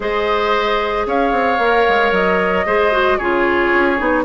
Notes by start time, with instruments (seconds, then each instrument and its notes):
0.00 bassoon G#3, clarinet G#4, oboe C5, flute D#5
1.06 bassoon C#4, oboe C#5, flute F5
1.32 bassoon C4
1.58 bassoon A#3, clarinet A#4
1.88 bassoon G#3
2.11 bassoon F#3, flute D#5
2.66 bassoon G#3, clarinet G#4, oboe C5
2.91 clarinet F#4
3.17 bassoon C#3, clarinet F4, oboe G#4, flute C#5
3.73 bassoon C#4
3.97 bassoon B3, clarinet D#4